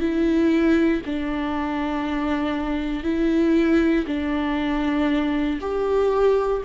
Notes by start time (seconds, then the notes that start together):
0.00 E4
1.05 D4
3.03 E4
4.07 D4
5.61 G4